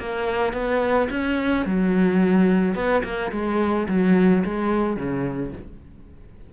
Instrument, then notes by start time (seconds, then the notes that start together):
cello
0.00 A#3
0.54 B3
1.11 C#4
1.66 F#3
2.75 B3
3.04 A#3
3.32 G#3
3.88 F#3
4.45 G#3
4.97 C#3